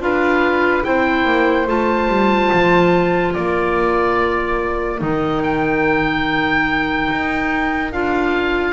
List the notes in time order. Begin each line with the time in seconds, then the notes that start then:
0.00 D4 F4 B4 F5
0.83 C4 E4 C5 G5
1.24 A#3
1.66 A3 F4 A5
2.08 G3
2.52 F3
3.33 A#3 A#4 D5
4.99 D#3 D#4 D#5
5.43 G5
7.10 D#4
7.92 D4 F4 F5